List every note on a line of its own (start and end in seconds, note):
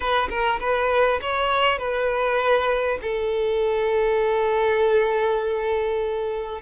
0.00 0.28 B4
0.29 0.59 A#4
0.60 1.20 B4
1.21 1.78 C#5
1.78 2.98 B4
3.01 6.61 A4